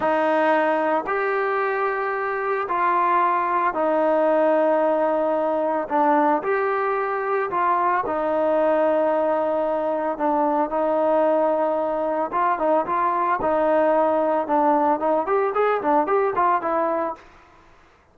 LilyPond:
\new Staff \with { instrumentName = "trombone" } { \time 4/4 \tempo 4 = 112 dis'2 g'2~ | g'4 f'2 dis'4~ | dis'2. d'4 | g'2 f'4 dis'4~ |
dis'2. d'4 | dis'2. f'8 dis'8 | f'4 dis'2 d'4 | dis'8 g'8 gis'8 d'8 g'8 f'8 e'4 | }